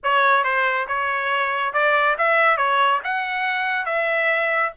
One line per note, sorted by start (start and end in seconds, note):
0.03 0.43 C#5
0.43 0.87 C5
0.87 1.73 C#5
1.73 2.16 D5
2.18 2.57 E5
2.57 3.00 C#5
3.04 3.85 F#5
3.85 4.72 E5